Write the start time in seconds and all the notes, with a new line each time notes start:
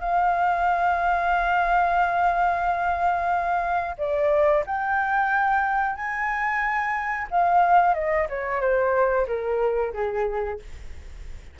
0.00 F5
3.98 D5
4.66 G5
5.96 G#5
7.30 F5
7.94 D#5
8.29 C#5
8.61 C5
9.27 A#4
9.93 G#4